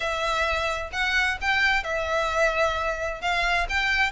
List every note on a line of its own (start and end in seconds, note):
0.00 0.90 E5
0.92 1.38 F#5
1.41 1.83 G5
1.83 3.21 E5
3.21 3.66 F5
3.69 4.11 G5